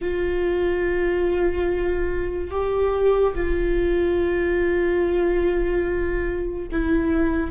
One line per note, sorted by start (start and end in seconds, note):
0.01 2.50 F4
2.50 3.34 G4
3.34 6.68 F4
6.71 7.50 E4